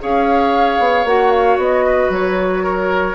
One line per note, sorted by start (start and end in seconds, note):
0.00 0.79 C#4
0.00 1.06 G#4
0.00 1.86 C#5
0.00 1.07 F5
0.79 1.04 B3
1.04 1.57 A#3
1.04 3.15 F#4
1.04 1.31 F#5
1.31 1.58 F5
1.57 2.09 B3
1.57 2.12 D#5
1.86 2.64 B4
2.09 3.15 F#3
2.09 3.15 C#5
2.64 3.15 A#4